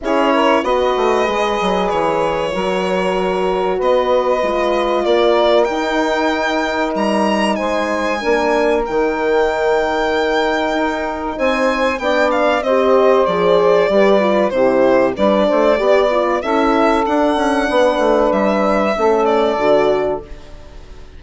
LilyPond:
<<
  \new Staff \with { instrumentName = "violin" } { \time 4/4 \tempo 4 = 95 cis''4 dis''2 cis''4~ | cis''2 dis''2 | d''4 g''2 ais''4 | gis''2 g''2~ |
g''2 gis''4 g''8 f''8 | dis''4 d''2 c''4 | d''2 e''4 fis''4~ | fis''4 e''4. d''4. | }
  \new Staff \with { instrumentName = "saxophone" } { \time 4/4 gis'8 ais'8 b'2. | ais'2 b'2 | ais'1 | c''4 ais'2.~ |
ais'2 c''4 d''4 | c''2 b'4 g'4 | b'8 c''8 d''4 a'2 | b'2 a'2 | }
  \new Staff \with { instrumentName = "horn" } { \time 4/4 e'4 fis'4 gis'2 | fis'2. f'4~ | f'4 dis'2.~ | dis'4 d'4 dis'2~ |
dis'2. d'4 | g'4 gis'4 g'8 f'8 e'4 | d'4 g'8 f'8 e'4 d'4~ | d'2 cis'4 fis'4 | }
  \new Staff \with { instrumentName = "bassoon" } { \time 4/4 cis'4 b8 a8 gis8 fis8 e4 | fis2 b4 gis4 | ais4 dis'2 g4 | gis4 ais4 dis2~ |
dis4 dis'4 c'4 b4 | c'4 f4 g4 c4 | g8 a8 b4 cis'4 d'8 cis'8 | b8 a8 g4 a4 d4 | }
>>